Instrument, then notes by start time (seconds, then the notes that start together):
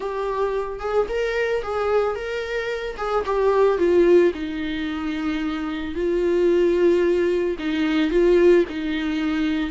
viola
0.00 G4
0.79 G#4
1.08 A#4
1.62 G#4
2.15 A#4
2.97 G#4
3.25 G4
3.78 F4
4.33 D#4
5.94 F4
7.58 D#4
8.10 F4
8.69 D#4